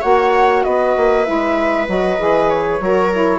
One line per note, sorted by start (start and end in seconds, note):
0.00 0.65 A#3
0.00 1.24 F#4
0.00 0.62 C#5
0.00 0.63 F#5
0.63 0.96 B3
0.63 2.82 B4
0.63 1.24 D#5
0.96 1.27 A#3
1.24 1.88 G#3
1.24 1.86 E4
1.24 1.86 E5
1.87 2.18 F#3
1.87 2.18 F#4
1.87 2.49 D#5
2.18 2.80 E3
2.18 2.80 G#4
2.49 3.39 C#5
2.80 3.39 F#3
2.80 3.11 F#4
2.80 3.39 A#4
3.12 3.39 E4